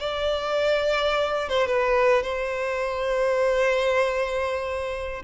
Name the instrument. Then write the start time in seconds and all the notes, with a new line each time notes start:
violin
0.00 D5
1.49 C5
1.67 B4
2.23 C5